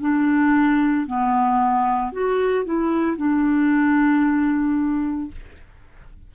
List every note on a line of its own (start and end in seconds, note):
0.00 1.06 D4
1.06 2.12 B3
2.12 2.64 F#4
2.64 3.17 E4
3.17 5.31 D4